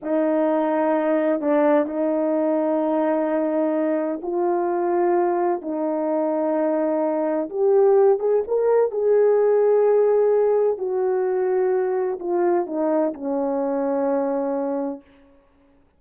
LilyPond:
\new Staff \with { instrumentName = "horn" } { \time 4/4 \tempo 4 = 128 dis'2. d'4 | dis'1~ | dis'4 f'2. | dis'1 |
g'4. gis'8 ais'4 gis'4~ | gis'2. fis'4~ | fis'2 f'4 dis'4 | cis'1 | }